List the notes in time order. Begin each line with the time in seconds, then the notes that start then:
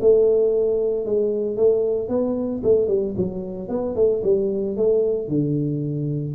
0.00 A3
1.05 G#3
1.56 A3
2.08 B3
2.63 A3
2.87 G3
3.16 F#3
3.68 B3
3.95 A3
4.23 G3
4.76 A3
5.28 D3